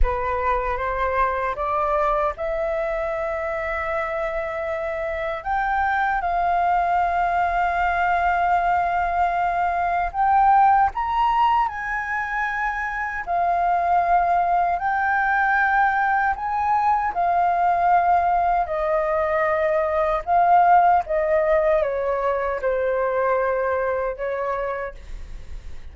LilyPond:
\new Staff \with { instrumentName = "flute" } { \time 4/4 \tempo 4 = 77 b'4 c''4 d''4 e''4~ | e''2. g''4 | f''1~ | f''4 g''4 ais''4 gis''4~ |
gis''4 f''2 g''4~ | g''4 gis''4 f''2 | dis''2 f''4 dis''4 | cis''4 c''2 cis''4 | }